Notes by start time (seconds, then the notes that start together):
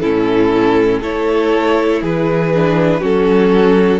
0.00 A2 C#4 E4 A4
1.00 A3 E4 A4 C#5
2.02 E3 G#4 B4
2.55 D4
3.00 F#3 C#4 F#4 A4